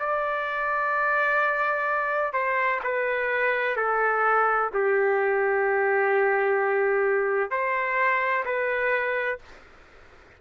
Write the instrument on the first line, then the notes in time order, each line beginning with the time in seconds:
trumpet
0.00 D5
2.34 C5
2.84 B4
3.77 A4
4.74 G4
7.51 C5
8.45 B4